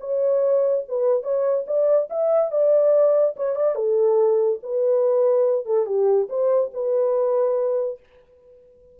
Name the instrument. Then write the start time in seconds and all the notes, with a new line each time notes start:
horn
0.00 C#5
0.88 B4
1.23 C#5
1.67 D5
2.10 E5
2.51 D5
3.37 C#5
3.55 D5
3.75 A4
4.63 B4
5.66 A4
5.86 G4
6.29 C5
6.74 B4